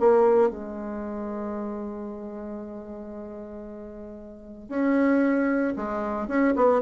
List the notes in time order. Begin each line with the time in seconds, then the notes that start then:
0.00 A#3
0.51 G#3
4.69 C#4
5.77 G#3
6.28 C#4
6.56 B3